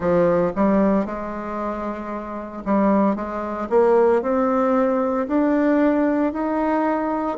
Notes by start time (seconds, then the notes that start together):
0.00 F3
0.55 G3
1.05 G#3
2.65 G3
3.15 G#3
3.69 A#3
4.22 C4
5.27 D4
6.32 D#4